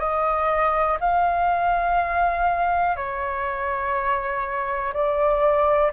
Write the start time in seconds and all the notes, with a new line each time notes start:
0.00 D#5
1.01 F5
2.96 C#5
4.94 D5